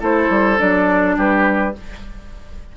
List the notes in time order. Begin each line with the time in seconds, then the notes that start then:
0.00 A3 E4 A4 C5
0.29 G3
0.57 F#3 D4 D5
1.17 G3 G4 B4